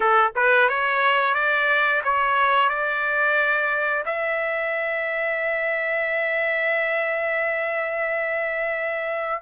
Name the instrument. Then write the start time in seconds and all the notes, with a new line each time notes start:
trumpet
0.00 A4
0.35 B4
0.68 C#5
1.34 D5
2.03 C#5
2.69 D5
4.05 E5